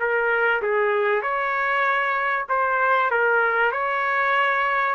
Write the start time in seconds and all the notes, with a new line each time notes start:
0.00 A#4
0.62 G#4
1.23 C#5
2.49 C5
3.11 A#4
3.72 C#5